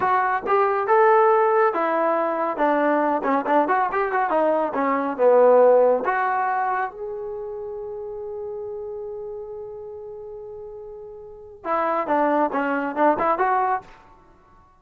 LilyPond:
\new Staff \with { instrumentName = "trombone" } { \time 4/4 \tempo 4 = 139 fis'4 g'4 a'2 | e'2 d'4. cis'8 | d'8 fis'8 g'8 fis'8 dis'4 cis'4 | b2 fis'2 |
gis'1~ | gis'1~ | gis'2. e'4 | d'4 cis'4 d'8 e'8 fis'4 | }